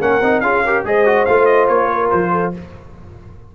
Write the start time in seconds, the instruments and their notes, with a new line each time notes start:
0.00 tuba A#3, trombone C#4, horn A#4, trumpet F#5
0.20 tuba C4, trombone D#4
0.40 tuba C#4, trombone F4, horn G#4, trumpet F5
0.64 trombone G4, horn A#4
0.84 tuba G#3, trombone G#4, horn C5, trumpet D#5
1.06 trombone F#4
1.25 tuba A3, trombone F4, trumpet F5
1.45 trumpet D#5
1.68 tuba A#3, trumpet C#5
1.92 horn A#4
2.10 tuba F3, trumpet C5
2.32 horn A4